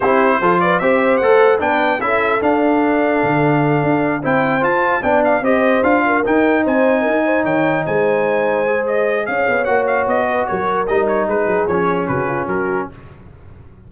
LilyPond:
<<
  \new Staff \with { instrumentName = "trumpet" } { \time 4/4 \tempo 4 = 149 c''4. d''8 e''4 fis''4 | g''4 e''4 f''2~ | f''2~ f''8 g''4 a''8~ | a''8 g''8 f''8 dis''4 f''4 g''8~ |
g''8 gis''2 g''4 gis''8~ | gis''2 dis''4 f''4 | fis''8 f''8 dis''4 cis''4 dis''8 cis''8 | b'4 cis''4 b'4 ais'4 | }
  \new Staff \with { instrumentName = "horn" } { \time 4/4 g'4 a'8 b'8 c''2 | b'4 a'2.~ | a'2~ a'8 c''4.~ | c''8 d''4 c''4. ais'4~ |
ais'8 c''4 ais'8 c''8 cis''4 c''8~ | c''2. cis''4~ | cis''4. b'8 ais'2 | gis'2 fis'8 f'8 fis'4 | }
  \new Staff \with { instrumentName = "trombone" } { \time 4/4 e'4 f'4 g'4 a'4 | d'4 e'4 d'2~ | d'2~ d'8 e'4 f'8~ | f'8 d'4 g'4 f'4 dis'8~ |
dis'1~ | dis'4. gis'2~ gis'8 | fis'2. dis'4~ | dis'4 cis'2. | }
  \new Staff \with { instrumentName = "tuba" } { \time 4/4 c'4 f4 c'4 a4 | b4 cis'4 d'2 | d4. d'4 c'4 f'8~ | f'8 b4 c'4 d'4 dis'8~ |
dis'8 c'4 dis'4 dis4 gis8~ | gis2. cis'8 b8 | ais4 b4 fis4 g4 | gis8 fis8 f4 cis4 fis4 | }
>>